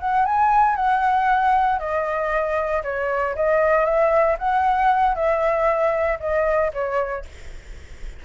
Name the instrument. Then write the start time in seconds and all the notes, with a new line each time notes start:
flute
0.00 F#5
0.25 G#5
0.76 F#5
1.79 D#5
2.83 C#5
3.36 D#5
3.85 E5
4.39 F#5
5.15 E5
6.20 D#5
6.74 C#5